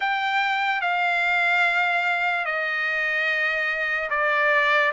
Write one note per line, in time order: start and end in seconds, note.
0.00 0.81 G5
0.81 2.45 F5
2.45 4.09 D#5
4.09 4.92 D5